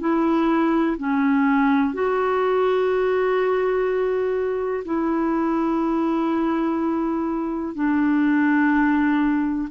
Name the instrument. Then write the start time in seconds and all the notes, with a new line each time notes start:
clarinet
0.00 E4
0.98 C#4
1.94 F#4
4.85 E4
7.75 D4